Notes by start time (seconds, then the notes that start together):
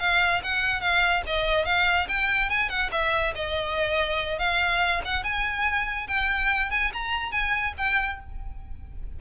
0.00 F5
0.43 F#5
0.81 F5
1.27 D#5
1.66 F5
2.08 G5
2.50 G#5
2.69 F#5
2.92 E5
3.35 D#5
4.39 F5
5.05 F#5
5.24 G#5
6.08 G5
6.71 G#5
6.93 A#5
7.32 G#5
7.78 G5